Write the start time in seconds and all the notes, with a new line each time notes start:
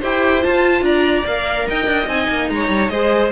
0.00 E4 G4 C5 G5
0.41 F4 A5
0.81 D4 D5 A#5
1.26 A#3 A#4 F5
1.68 D#4 D#5 G5
1.86 D4
2.07 C4 D#4 G#5
2.29 A#3
2.49 G#3 C#5 A#5
2.68 G3
2.89 G#3 G#4 C5 D#5